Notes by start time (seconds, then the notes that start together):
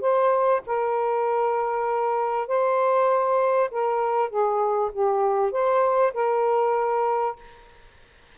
0.00 C5
0.66 A#4
2.47 C5
3.71 A#4
4.29 G#4
4.92 G4
5.51 C5
6.13 A#4